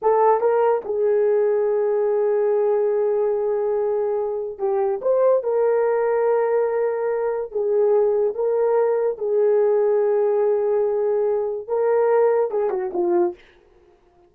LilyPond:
\new Staff \with { instrumentName = "horn" } { \time 4/4 \tempo 4 = 144 a'4 ais'4 gis'2~ | gis'1~ | gis'2. g'4 | c''4 ais'2.~ |
ais'2 gis'2 | ais'2 gis'2~ | gis'1 | ais'2 gis'8 fis'8 f'4 | }